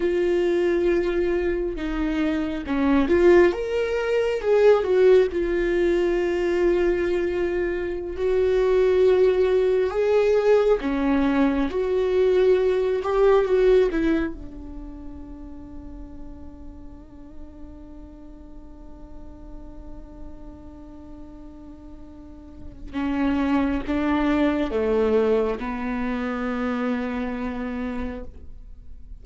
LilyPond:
\new Staff \with { instrumentName = "viola" } { \time 4/4 \tempo 4 = 68 f'2 dis'4 cis'8 f'8 | ais'4 gis'8 fis'8 f'2~ | f'4~ f'16 fis'2 gis'8.~ | gis'16 cis'4 fis'4. g'8 fis'8 e'16~ |
e'16 d'2.~ d'8.~ | d'1~ | d'2 cis'4 d'4 | a4 b2. | }